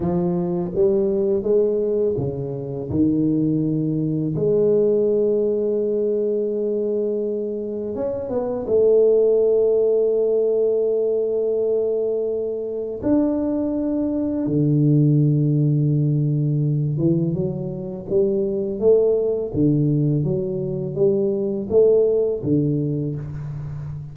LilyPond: \new Staff \with { instrumentName = "tuba" } { \time 4/4 \tempo 4 = 83 f4 g4 gis4 cis4 | dis2 gis2~ | gis2. cis'8 b8 | a1~ |
a2 d'2 | d2.~ d8 e8 | fis4 g4 a4 d4 | fis4 g4 a4 d4 | }